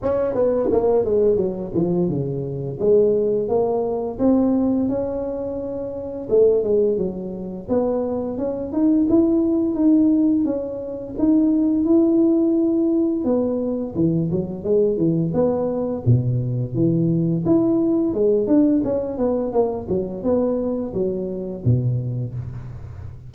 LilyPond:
\new Staff \with { instrumentName = "tuba" } { \time 4/4 \tempo 4 = 86 cis'8 b8 ais8 gis8 fis8 f8 cis4 | gis4 ais4 c'4 cis'4~ | cis'4 a8 gis8 fis4 b4 | cis'8 dis'8 e'4 dis'4 cis'4 |
dis'4 e'2 b4 | e8 fis8 gis8 e8 b4 b,4 | e4 e'4 gis8 d'8 cis'8 b8 | ais8 fis8 b4 fis4 b,4 | }